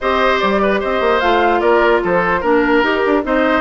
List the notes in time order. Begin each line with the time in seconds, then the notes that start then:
0.00 C4 G4 C5 D#5
0.38 G3 D5
0.62 B4
0.80 C4 C5 D#5
1.00 A#3
1.20 A3 F4 F5
1.60 A#3 A#4 D5
2.03 F3 A4 C5
2.40 A#3 D4 A#4
2.82 D#4 G4
3.06 D4
3.23 C4 D#4 C5 D#5